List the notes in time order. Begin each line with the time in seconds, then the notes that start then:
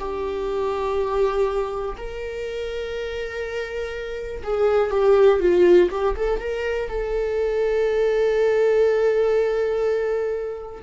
0.00 G4
1.97 A#4
4.44 G#4
4.91 G4
5.40 F4
5.91 G4
6.17 A4
6.40 A#4
6.89 A4